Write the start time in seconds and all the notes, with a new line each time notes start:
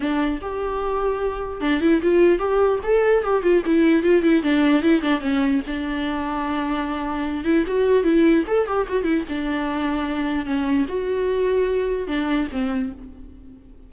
0.00 D4
0.41 G4
1.60 D4
1.80 E4
2.02 F4
2.39 G4
2.83 A4
3.23 G4
3.42 F4
3.65 E4
4.03 F4
4.22 E4
4.42 D4
4.82 E4
5.01 D4
5.20 C#4
5.66 D4
7.44 E4
7.67 F#4
8.03 E4
8.47 A4
8.67 G4
8.88 F#4
9.03 E4
9.28 D4
10.45 C#4
10.88 F#4
12.07 D4
12.52 C4